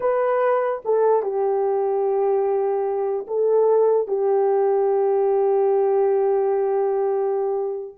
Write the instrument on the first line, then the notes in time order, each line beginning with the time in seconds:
horn
0.00 B4
0.85 A4
1.22 G4
3.27 A4
4.07 G4